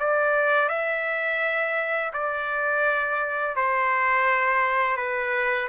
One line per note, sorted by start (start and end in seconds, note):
0.00 0.69 D5
0.69 2.12 E5
2.13 3.56 D5
3.56 4.97 C5
4.97 5.69 B4